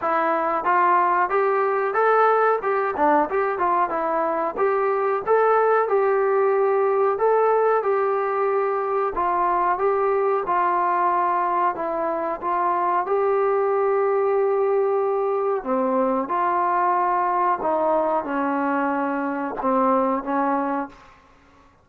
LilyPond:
\new Staff \with { instrumentName = "trombone" } { \time 4/4 \tempo 4 = 92 e'4 f'4 g'4 a'4 | g'8 d'8 g'8 f'8 e'4 g'4 | a'4 g'2 a'4 | g'2 f'4 g'4 |
f'2 e'4 f'4 | g'1 | c'4 f'2 dis'4 | cis'2 c'4 cis'4 | }